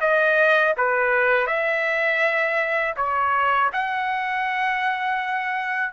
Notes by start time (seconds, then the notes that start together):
0.00 D#5
0.77 B4
1.47 E5
2.96 C#5
3.72 F#5